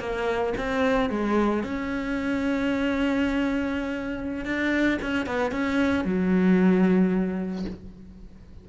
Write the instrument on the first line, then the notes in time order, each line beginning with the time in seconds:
cello
0.00 A#3
0.57 C4
1.10 G#3
1.64 C#4
4.45 D4
5.02 C#4
5.26 B3
5.52 C#4
6.05 F#3